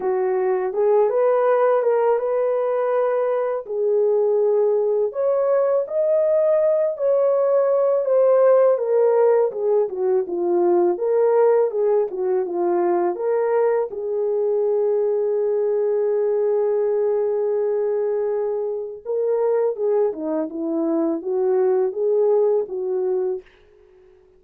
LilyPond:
\new Staff \with { instrumentName = "horn" } { \time 4/4 \tempo 4 = 82 fis'4 gis'8 b'4 ais'8 b'4~ | b'4 gis'2 cis''4 | dis''4. cis''4. c''4 | ais'4 gis'8 fis'8 f'4 ais'4 |
gis'8 fis'8 f'4 ais'4 gis'4~ | gis'1~ | gis'2 ais'4 gis'8 dis'8 | e'4 fis'4 gis'4 fis'4 | }